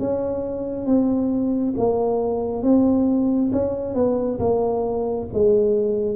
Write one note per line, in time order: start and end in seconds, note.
0.00 0.86 C#4
0.86 1.74 C4
1.78 2.64 A#3
2.64 3.52 C4
3.53 3.95 C#4
3.95 4.39 B3
4.40 5.28 A#3
5.34 6.16 G#3